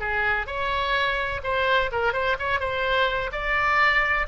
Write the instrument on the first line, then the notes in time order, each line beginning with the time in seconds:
oboe
0.00 G#4
0.47 C#5
1.44 C5
1.92 A#4
2.13 C5
2.39 C#5
2.60 C5
3.32 D5